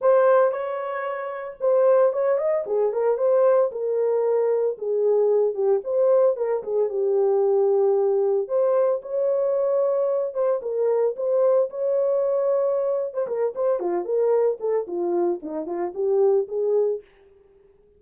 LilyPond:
\new Staff \with { instrumentName = "horn" } { \time 4/4 \tempo 4 = 113 c''4 cis''2 c''4 | cis''8 dis''8 gis'8 ais'8 c''4 ais'4~ | ais'4 gis'4. g'8 c''4 | ais'8 gis'8 g'2. |
c''4 cis''2~ cis''8 c''8 | ais'4 c''4 cis''2~ | cis''8. c''16 ais'8 c''8 f'8 ais'4 a'8 | f'4 dis'8 f'8 g'4 gis'4 | }